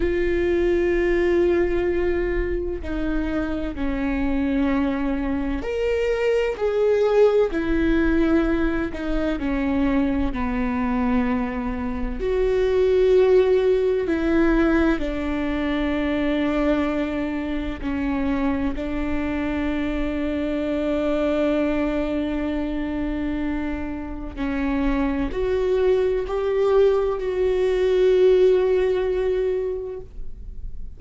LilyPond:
\new Staff \with { instrumentName = "viola" } { \time 4/4 \tempo 4 = 64 f'2. dis'4 | cis'2 ais'4 gis'4 | e'4. dis'8 cis'4 b4~ | b4 fis'2 e'4 |
d'2. cis'4 | d'1~ | d'2 cis'4 fis'4 | g'4 fis'2. | }